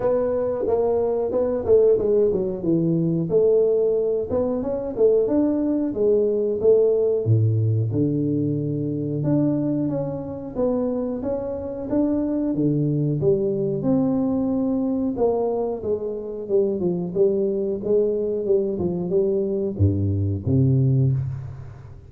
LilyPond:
\new Staff \with { instrumentName = "tuba" } { \time 4/4 \tempo 4 = 91 b4 ais4 b8 a8 gis8 fis8 | e4 a4. b8 cis'8 a8 | d'4 gis4 a4 a,4 | d2 d'4 cis'4 |
b4 cis'4 d'4 d4 | g4 c'2 ais4 | gis4 g8 f8 g4 gis4 | g8 f8 g4 g,4 c4 | }